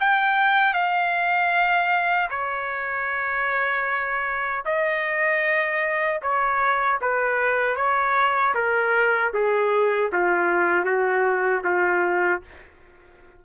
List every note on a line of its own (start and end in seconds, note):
0.00 0.73 G5
0.73 2.29 F5
2.30 4.64 C#5
4.65 6.21 D#5
6.22 7.00 C#5
7.01 7.76 B4
7.76 8.54 C#5
8.54 9.32 A#4
9.34 10.12 G#4
10.13 10.85 F4
10.85 11.63 F#4
11.64 12.42 F4